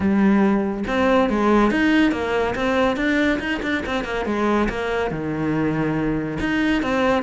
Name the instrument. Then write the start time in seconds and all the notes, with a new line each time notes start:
cello
0.00 G3
0.87 C4
1.29 G#3
1.71 D#4
2.11 A#3
2.55 C4
2.96 D4
3.39 D#4
3.62 D4
3.85 C4
4.04 A#3
4.25 G#3
4.69 A#3
5.10 D#3
6.39 D#4
6.82 C4